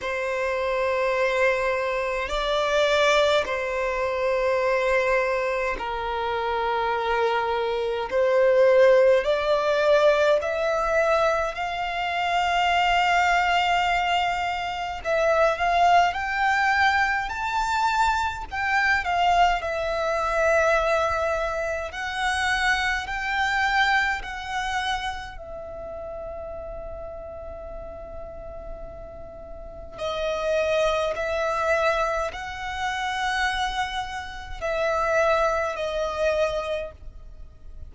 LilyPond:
\new Staff \with { instrumentName = "violin" } { \time 4/4 \tempo 4 = 52 c''2 d''4 c''4~ | c''4 ais'2 c''4 | d''4 e''4 f''2~ | f''4 e''8 f''8 g''4 a''4 |
g''8 f''8 e''2 fis''4 | g''4 fis''4 e''2~ | e''2 dis''4 e''4 | fis''2 e''4 dis''4 | }